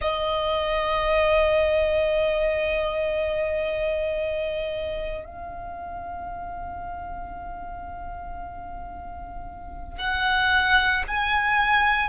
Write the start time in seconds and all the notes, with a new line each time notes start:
0.00 D#5
5.24 F5
9.98 F#5
11.07 G#5